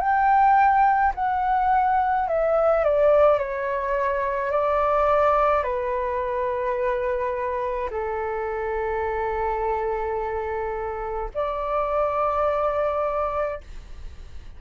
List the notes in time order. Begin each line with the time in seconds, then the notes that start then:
0.00 G5
1.15 F#5
2.28 E5
2.84 D5
3.39 C#5
4.51 D5
5.63 B4
7.90 A4
11.35 D5